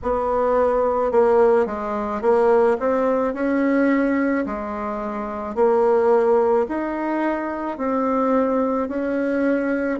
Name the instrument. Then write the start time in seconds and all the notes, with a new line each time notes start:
bassoon
0.02 B3
1.11 A#3
1.66 G#3
2.21 A#3
2.79 C4
3.33 C#4
4.45 G#3
5.55 A#3
6.68 D#4
7.77 C4
8.88 C#4